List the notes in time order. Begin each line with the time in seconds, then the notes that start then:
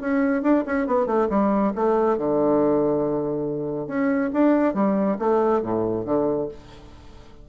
0.00 C#4
0.42 D4
0.66 C#4
0.86 B3
1.06 A3
1.29 G3
1.75 A3
2.17 D3
3.87 C#4
4.33 D4
4.73 G3
5.19 A3
5.62 A2
6.05 D3